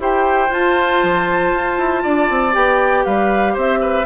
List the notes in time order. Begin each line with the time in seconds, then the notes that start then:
0.00 E4 G4 C5 G5
0.49 F4 A5
1.03 F3
1.53 F4
1.78 E4
2.03 D4 D5
2.30 C4
2.53 B3 G4 G5
3.05 G3 B4 F5
3.54 C4 C5 E5
3.81 B4